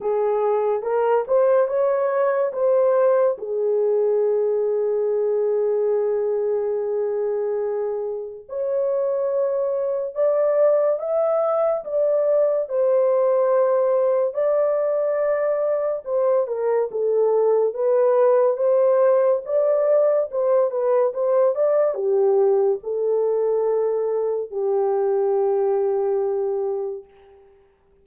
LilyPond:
\new Staff \with { instrumentName = "horn" } { \time 4/4 \tempo 4 = 71 gis'4 ais'8 c''8 cis''4 c''4 | gis'1~ | gis'2 cis''2 | d''4 e''4 d''4 c''4~ |
c''4 d''2 c''8 ais'8 | a'4 b'4 c''4 d''4 | c''8 b'8 c''8 d''8 g'4 a'4~ | a'4 g'2. | }